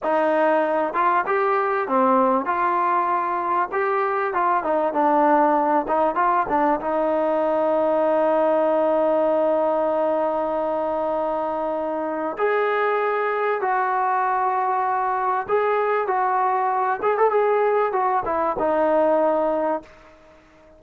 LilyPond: \new Staff \with { instrumentName = "trombone" } { \time 4/4 \tempo 4 = 97 dis'4. f'8 g'4 c'4 | f'2 g'4 f'8 dis'8 | d'4. dis'8 f'8 d'8 dis'4~ | dis'1~ |
dis'1 | gis'2 fis'2~ | fis'4 gis'4 fis'4. gis'16 a'16 | gis'4 fis'8 e'8 dis'2 | }